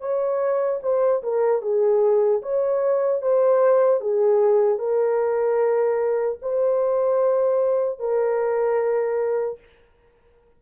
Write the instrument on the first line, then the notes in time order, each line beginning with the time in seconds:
horn
0.00 C#5
0.83 C5
1.23 A#4
1.62 G#4
2.42 C#5
3.22 C5
4.00 G#4
4.79 A#4
6.42 C5
7.99 A#4